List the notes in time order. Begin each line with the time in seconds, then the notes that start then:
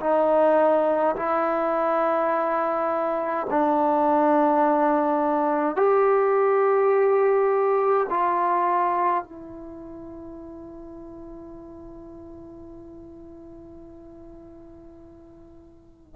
0.00 D#4
1.16 E4
3.50 D4
5.75 G4
8.09 F4
9.23 E4